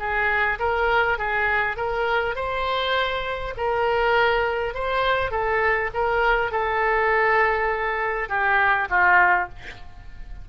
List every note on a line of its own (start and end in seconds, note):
0.00 0.59 G#4
0.59 1.19 A#4
1.19 1.77 G#4
1.77 2.36 A#4
2.36 3.55 C5
3.58 4.75 A#4
4.75 5.31 C5
5.31 5.91 A4
5.94 6.52 A#4
6.52 8.29 A4
8.29 8.89 G4
8.90 9.49 F4